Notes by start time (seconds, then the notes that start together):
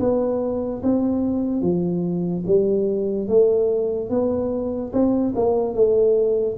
0.00 B3
0.83 C4
1.62 F3
2.47 G3
3.28 A3
4.10 B3
4.93 C4
5.35 A#3
5.75 A3